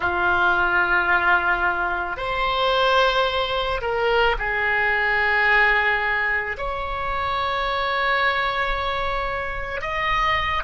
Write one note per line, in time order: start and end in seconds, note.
0.00 2.17 F4
2.17 3.80 C5
3.81 4.35 A#4
4.38 6.57 G#4
6.57 9.81 C#5
9.81 10.63 D#5